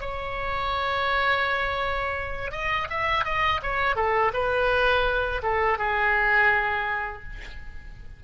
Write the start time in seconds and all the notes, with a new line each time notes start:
0.00 C#5
2.51 D#5
2.90 E5
3.25 D#5
3.62 C#5
3.96 A4
4.33 B4
5.42 A4
5.78 G#4